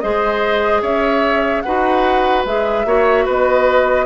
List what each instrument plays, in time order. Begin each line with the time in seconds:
0.00 bassoon G#3, clarinet G#4, oboe C5, flute D#5
0.82 bassoon C#4, oboe C#5, flute E5
1.62 bassoon D#4, clarinet F#4, oboe B4, flute F#5
2.45 bassoon G#3, clarinet G#4, flute E5
2.85 bassoon A#3, clarinet F#4, oboe C#5
3.25 bassoon B3, oboe B4, flute D#5